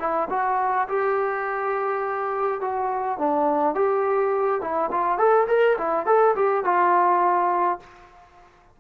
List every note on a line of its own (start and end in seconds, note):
0.00 0.29 E4
0.30 0.88 F#4
0.89 2.61 G4
2.61 3.19 F#4
3.19 3.75 D4
3.75 4.61 G4
4.61 4.90 E4
4.91 5.18 F4
5.18 5.47 A4
5.48 5.77 A#4
5.78 6.06 E4
6.06 6.35 A4
6.36 6.65 G4
6.65 7.80 F4